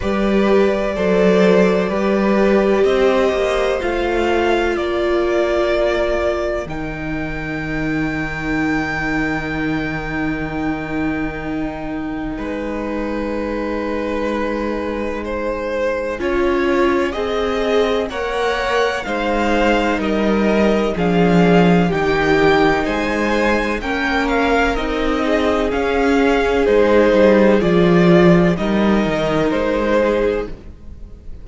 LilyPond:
<<
  \new Staff \with { instrumentName = "violin" } { \time 4/4 \tempo 4 = 63 d''2. dis''4 | f''4 d''2 g''4~ | g''1~ | g''4 gis''2.~ |
gis''2. fis''4 | f''4 dis''4 f''4 g''4 | gis''4 g''8 f''8 dis''4 f''4 | c''4 d''4 dis''4 c''4 | }
  \new Staff \with { instrumentName = "violin" } { \time 4/4 b'4 c''4 b'4 c''4~ | c''4 ais'2.~ | ais'1~ | ais'4 b'2. |
c''4 cis''4 dis''4 cis''4 | c''4 ais'4 gis'4 g'4 | c''4 ais'4. gis'4.~ | gis'2 ais'4. gis'8 | }
  \new Staff \with { instrumentName = "viola" } { \time 4/4 g'4 a'4 g'2 | f'2. dis'4~ | dis'1~ | dis'1~ |
dis'4 f'4 gis'4 ais'4 | dis'2 d'4 dis'4~ | dis'4 cis'4 dis'4 cis'4 | dis'4 f'4 dis'2 | }
  \new Staff \with { instrumentName = "cello" } { \time 4/4 g4 fis4 g4 c'8 ais8 | a4 ais2 dis4~ | dis1~ | dis4 gis2.~ |
gis4 cis'4 c'4 ais4 | gis4 g4 f4 dis4 | gis4 ais4 c'4 cis'4 | gis8 g8 f4 g8 dis8 gis4 | }
>>